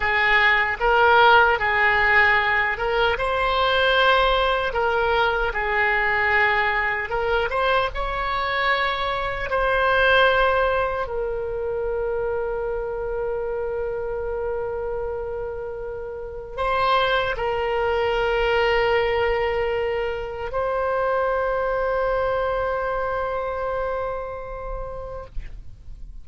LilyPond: \new Staff \with { instrumentName = "oboe" } { \time 4/4 \tempo 4 = 76 gis'4 ais'4 gis'4. ais'8 | c''2 ais'4 gis'4~ | gis'4 ais'8 c''8 cis''2 | c''2 ais'2~ |
ais'1~ | ais'4 c''4 ais'2~ | ais'2 c''2~ | c''1 | }